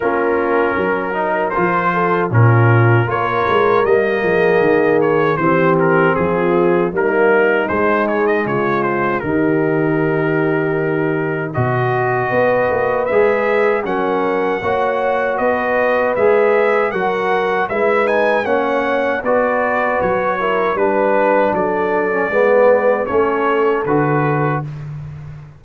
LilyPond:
<<
  \new Staff \with { instrumentName = "trumpet" } { \time 4/4 \tempo 4 = 78 ais'2 c''4 ais'4 | cis''4 dis''4. cis''8 c''8 ais'8 | gis'4 ais'4 c''8 cis''16 dis''16 cis''8 c''8 | ais'2. dis''4~ |
dis''4 e''4 fis''2 | dis''4 e''4 fis''4 e''8 gis''8 | fis''4 d''4 cis''4 b'4 | d''2 cis''4 b'4 | }
  \new Staff \with { instrumentName = "horn" } { \time 4/4 f'4 ais'4. a'8 f'4 | ais'4. gis'4. g'4 | f'4 dis'2 f'4 | g'2. fis'4 |
b'2 ais'4 cis''4 | b'2 ais'4 b'4 | cis''4 b'4. ais'8 b'4 | a'4 b'4 a'2 | }
  \new Staff \with { instrumentName = "trombone" } { \time 4/4 cis'4. dis'8 f'4 cis'4 | f'4 ais2 c'4~ | c'4 ais4 gis2 | dis'2. fis'4~ |
fis'4 gis'4 cis'4 fis'4~ | fis'4 gis'4 fis'4 e'8 dis'8 | cis'4 fis'4. e'8 d'4~ | d'8. cis'16 b4 cis'4 fis'4 | }
  \new Staff \with { instrumentName = "tuba" } { \time 4/4 ais4 fis4 f4 ais,4 | ais8 gis8 g8 f8 dis4 e4 | f4 g4 gis4 cis4 | dis2. b,4 |
b8 ais8 gis4 fis4 ais4 | b4 gis4 fis4 gis4 | ais4 b4 fis4 g4 | fis4 gis4 a4 d4 | }
>>